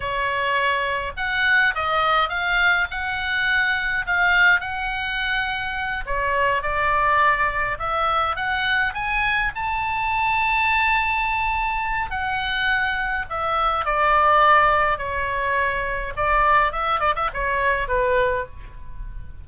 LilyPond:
\new Staff \with { instrumentName = "oboe" } { \time 4/4 \tempo 4 = 104 cis''2 fis''4 dis''4 | f''4 fis''2 f''4 | fis''2~ fis''8 cis''4 d''8~ | d''4. e''4 fis''4 gis''8~ |
gis''8 a''2.~ a''8~ | a''4 fis''2 e''4 | d''2 cis''2 | d''4 e''8 d''16 e''16 cis''4 b'4 | }